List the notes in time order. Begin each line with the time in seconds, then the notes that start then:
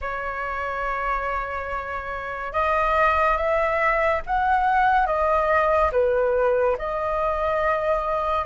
0.01 C#5
2.52 D#5
3.37 E5
4.26 F#5
5.06 D#5
5.92 B4
6.78 D#5